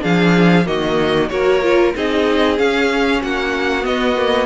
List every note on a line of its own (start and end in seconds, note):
0.00 0.66 F3
0.00 0.64 D4
0.00 0.66 G#4
0.00 0.66 F5
0.65 1.30 D#3
0.65 1.29 A#3
0.65 1.30 F#4
0.65 1.28 D#5
1.28 1.94 A#3
1.28 1.61 F#4
1.28 1.96 A#4
1.28 1.92 C#5
1.62 1.94 F4
1.94 2.59 C4
1.94 2.57 D#4
1.94 3.21 G#4
1.94 2.58 D#5
2.57 3.81 C#4
2.57 3.22 C#4
2.57 3.22 F5
3.21 3.85 A#3
3.21 4.46 F#4
3.21 3.85 F#5
3.81 4.13 B3
3.81 4.46 B3
3.81 4.46 D#5
4.17 4.46 A#3